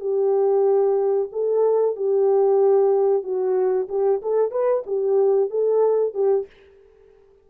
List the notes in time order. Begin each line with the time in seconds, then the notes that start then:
0.00 G4
1.32 A4
1.96 G4
3.23 F#4
3.89 G4
4.22 A4
4.51 B4
4.86 G4
5.50 A4
6.14 G4